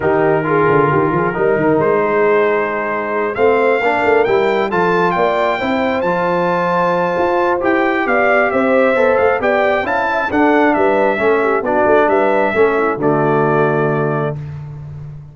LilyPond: <<
  \new Staff \with { instrumentName = "trumpet" } { \time 4/4 \tempo 4 = 134 ais'1 | c''2.~ c''8 f''8~ | f''4. g''4 a''4 g''8~ | g''4. a''2~ a''8~ |
a''4 g''4 f''4 e''4~ | e''8 f''8 g''4 a''4 fis''4 | e''2 d''4 e''4~ | e''4 d''2. | }
  \new Staff \with { instrumentName = "horn" } { \time 4/4 g'4 gis'4 g'8 gis'8 ais'4~ | ais'8 gis'2. c''8~ | c''8 ais'2 a'4 d''8~ | d''8 c''2.~ c''8~ |
c''2 d''4 c''4~ | c''4 d''4 f''8 e''8 a'4 | b'4 a'8 g'8 fis'4 b'4 | a'8 e'8 fis'2. | }
  \new Staff \with { instrumentName = "trombone" } { \time 4/4 dis'4 f'2 dis'4~ | dis'2.~ dis'8 c'8~ | c'8 d'4 e'4 f'4.~ | f'8 e'4 f'2~ f'8~ |
f'4 g'2. | a'4 g'4 e'4 d'4~ | d'4 cis'4 d'2 | cis'4 a2. | }
  \new Staff \with { instrumentName = "tuba" } { \time 4/4 dis4. d8 dis8 f8 g8 dis8 | gis2.~ gis8 a8~ | a8 ais8 a8 g4 f4 ais8~ | ais8 c'4 f2~ f8 |
f'4 e'4 b4 c'4 | b8 a8 b4 cis'4 d'4 | g4 a4 b8 a8 g4 | a4 d2. | }
>>